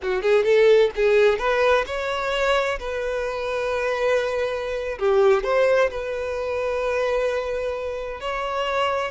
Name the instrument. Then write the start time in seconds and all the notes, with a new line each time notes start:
violin
0.02 F#4
0.22 G#4
0.44 A4
0.95 G#4
1.38 B4
1.86 C#5
2.79 B4
4.98 G4
5.43 C5
5.90 B4
8.20 C#5